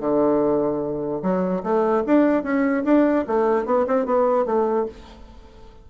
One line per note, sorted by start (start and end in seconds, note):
0.00 1.22 D3
1.22 1.63 F#3
1.63 2.04 A3
2.06 2.43 D4
2.43 2.83 C#4
2.85 3.25 D4
3.27 3.65 A3
3.65 3.86 B3
3.87 4.06 C4
4.06 4.46 B3
4.46 4.86 A3